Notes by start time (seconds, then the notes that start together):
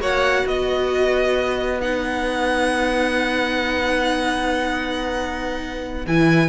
0.00 A#3 F#4 C#5 F#5
0.46 B3 B4 D#5
1.81 D#4 F#5
6.08 E3 E4 G#5